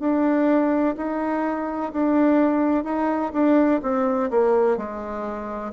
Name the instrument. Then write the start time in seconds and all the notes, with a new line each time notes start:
bassoon
0.00 D4
0.97 D#4
1.93 D4
2.84 D#4
3.34 D4
3.83 C4
4.31 A#3
4.77 G#3